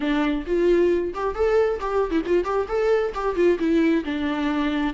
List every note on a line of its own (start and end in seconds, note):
0.00 0.45 D4
0.46 1.13 F4
1.14 1.34 G4
1.34 1.79 A4
1.80 2.10 G4
2.10 2.22 E4
2.26 2.44 F4
2.44 2.66 G4
2.68 3.13 A4
3.14 3.35 G4
3.35 3.57 F4
3.59 4.04 E4
4.04 4.93 D4